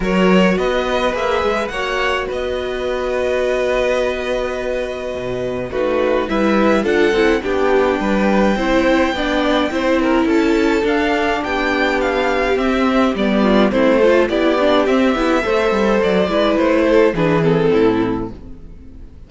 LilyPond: <<
  \new Staff \with { instrumentName = "violin" } { \time 4/4 \tempo 4 = 105 cis''4 dis''4 e''4 fis''4 | dis''1~ | dis''2 b'4 e''4 | fis''4 g''2.~ |
g''2 a''4 f''4 | g''4 f''4 e''4 d''4 | c''4 d''4 e''2 | d''4 c''4 b'8 a'4. | }
  \new Staff \with { instrumentName = "violin" } { \time 4/4 ais'4 b'2 cis''4 | b'1~ | b'2 fis'4 b'4 | a'4 g'4 b'4 c''4 |
d''4 c''8 ais'8 a'2 | g'2.~ g'8 f'8 | e'8 a'8 g'2 c''4~ | c''8 b'4 a'8 gis'4 e'4 | }
  \new Staff \with { instrumentName = "viola" } { \time 4/4 fis'2 gis'4 fis'4~ | fis'1~ | fis'2 dis'4 e'4 | f'8 e'8 d'2 e'4 |
d'4 e'2 d'4~ | d'2 c'4 b4 | c'8 f'8 e'8 d'8 c'8 e'8 a'4~ | a'8 e'4. d'8 c'4. | }
  \new Staff \with { instrumentName = "cello" } { \time 4/4 fis4 b4 ais8 gis8 ais4 | b1~ | b4 b,4 a4 g4 | d'8 c'8 b4 g4 c'4 |
b4 c'4 cis'4 d'4 | b2 c'4 g4 | a4 b4 c'8 b8 a8 g8 | fis8 gis8 a4 e4 a,4 | }
>>